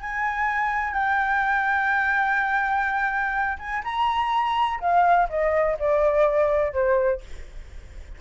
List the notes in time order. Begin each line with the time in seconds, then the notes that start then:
0.00 G#5
0.93 G5
3.58 G#5
3.84 A#5
4.80 F5
5.29 D#5
5.79 D5
6.72 C5